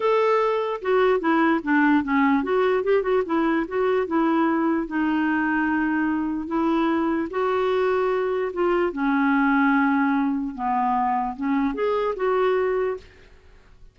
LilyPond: \new Staff \with { instrumentName = "clarinet" } { \time 4/4 \tempo 4 = 148 a'2 fis'4 e'4 | d'4 cis'4 fis'4 g'8 fis'8 | e'4 fis'4 e'2 | dis'1 |
e'2 fis'2~ | fis'4 f'4 cis'2~ | cis'2 b2 | cis'4 gis'4 fis'2 | }